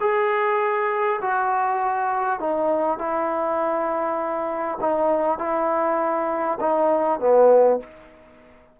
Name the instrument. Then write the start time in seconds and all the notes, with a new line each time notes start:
trombone
0.00 G#4
1.21 F#4
2.40 D#4
2.99 E4
4.81 D#4
5.39 E4
6.60 D#4
7.20 B3